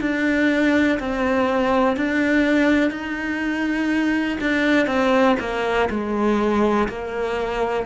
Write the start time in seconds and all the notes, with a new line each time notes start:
0.00 D4
1.00 C4
1.97 D4
2.91 D#4
4.41 D4
4.86 C4
5.40 A#3
5.90 G#3
6.89 A#3